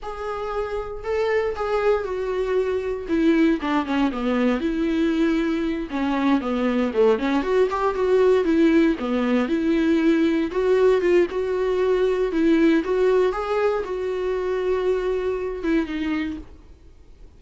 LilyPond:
\new Staff \with { instrumentName = "viola" } { \time 4/4 \tempo 4 = 117 gis'2 a'4 gis'4 | fis'2 e'4 d'8 cis'8 | b4 e'2~ e'8 cis'8~ | cis'8 b4 a8 cis'8 fis'8 g'8 fis'8~ |
fis'8 e'4 b4 e'4.~ | e'8 fis'4 f'8 fis'2 | e'4 fis'4 gis'4 fis'4~ | fis'2~ fis'8 e'8 dis'4 | }